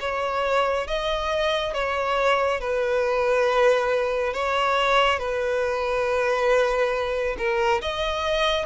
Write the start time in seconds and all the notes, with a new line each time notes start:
0.00 C#5
0.87 D#5
1.74 C#5
2.60 B4
4.34 C#5
5.19 B4
7.38 A#4
7.82 D#5